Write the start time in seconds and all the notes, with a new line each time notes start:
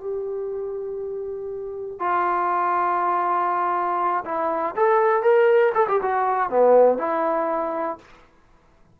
0.00 G4
1.99 F4
4.25 E4
4.75 A4
5.22 A#4
5.74 A4
5.88 G4
6.02 F#4
6.49 B3
6.98 E4